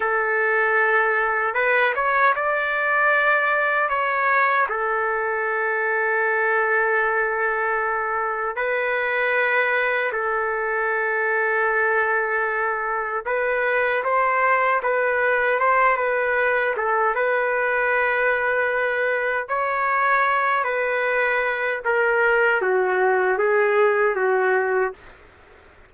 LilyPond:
\new Staff \with { instrumentName = "trumpet" } { \time 4/4 \tempo 4 = 77 a'2 b'8 cis''8 d''4~ | d''4 cis''4 a'2~ | a'2. b'4~ | b'4 a'2.~ |
a'4 b'4 c''4 b'4 | c''8 b'4 a'8 b'2~ | b'4 cis''4. b'4. | ais'4 fis'4 gis'4 fis'4 | }